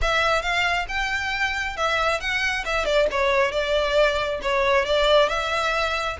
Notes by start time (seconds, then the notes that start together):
0.01 E5
0.42 F5
0.88 G5
1.76 E5
2.20 F#5
2.65 E5
2.85 D5
3.11 C#5
3.51 D5
4.42 C#5
4.85 D5
5.28 E5